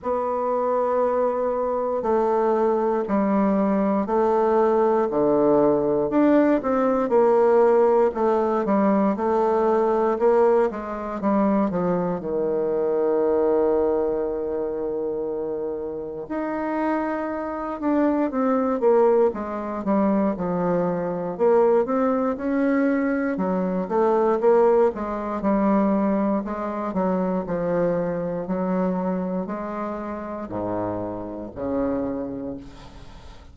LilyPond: \new Staff \with { instrumentName = "bassoon" } { \time 4/4 \tempo 4 = 59 b2 a4 g4 | a4 d4 d'8 c'8 ais4 | a8 g8 a4 ais8 gis8 g8 f8 | dis1 |
dis'4. d'8 c'8 ais8 gis8 g8 | f4 ais8 c'8 cis'4 fis8 a8 | ais8 gis8 g4 gis8 fis8 f4 | fis4 gis4 gis,4 cis4 | }